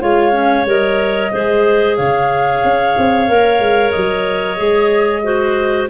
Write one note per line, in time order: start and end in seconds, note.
0.00 0.65 G#3
0.00 0.32 F4
0.00 1.32 C#5
0.00 0.66 F5
0.32 0.64 C#4
0.65 1.31 G3
0.65 1.32 A#4
0.65 1.96 D#5
1.32 1.98 G#3
1.32 3.28 G#4
1.32 1.97 C5
1.96 2.63 C#3
1.96 5.23 C#5
1.96 3.91 F5
2.64 2.96 C#4
2.97 3.28 C4
3.28 3.59 A#3
3.28 4.57 A#4
3.59 3.92 G#3
3.91 4.59 F#3
3.91 5.86 D#5
4.57 5.90 G#3
4.57 5.22 G#4
5.23 5.88 F#4
5.23 5.89 C5